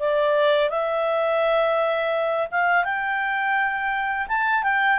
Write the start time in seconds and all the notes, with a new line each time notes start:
0.00 D5
0.69 E5
2.51 F5
2.84 G5
4.28 A5
4.64 G5